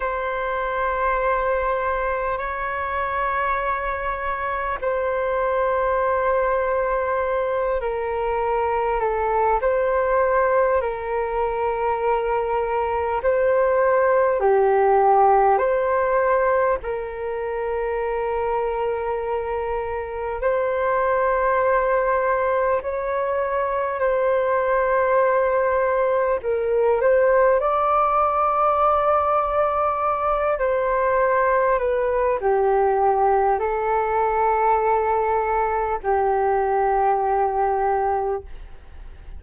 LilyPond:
\new Staff \with { instrumentName = "flute" } { \time 4/4 \tempo 4 = 50 c''2 cis''2 | c''2~ c''8 ais'4 a'8 | c''4 ais'2 c''4 | g'4 c''4 ais'2~ |
ais'4 c''2 cis''4 | c''2 ais'8 c''8 d''4~ | d''4. c''4 b'8 g'4 | a'2 g'2 | }